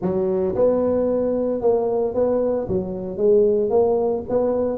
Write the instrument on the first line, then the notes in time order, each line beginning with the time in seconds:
tuba
0.01 F#3
0.55 B3
1.61 A#3
2.14 B3
2.68 F#3
3.17 G#3
3.70 A#3
4.29 B3